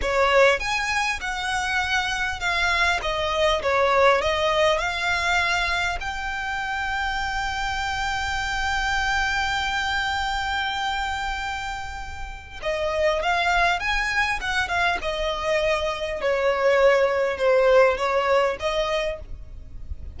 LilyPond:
\new Staff \with { instrumentName = "violin" } { \time 4/4 \tempo 4 = 100 cis''4 gis''4 fis''2 | f''4 dis''4 cis''4 dis''4 | f''2 g''2~ | g''1~ |
g''1~ | g''4 dis''4 f''4 gis''4 | fis''8 f''8 dis''2 cis''4~ | cis''4 c''4 cis''4 dis''4 | }